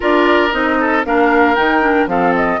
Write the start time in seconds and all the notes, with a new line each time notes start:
0.00 D4 F4 A#4 D5
0.51 C4 D#4 D#5
0.80 A4
1.05 A#3 D4 A#4 F5
1.55 D#3 D#4 G5
1.81 D4
2.06 F3 C4 A4 F5
2.35 D#5